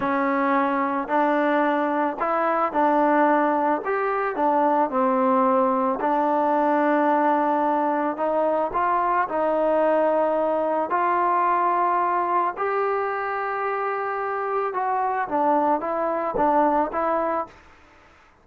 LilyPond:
\new Staff \with { instrumentName = "trombone" } { \time 4/4 \tempo 4 = 110 cis'2 d'2 | e'4 d'2 g'4 | d'4 c'2 d'4~ | d'2. dis'4 |
f'4 dis'2. | f'2. g'4~ | g'2. fis'4 | d'4 e'4 d'4 e'4 | }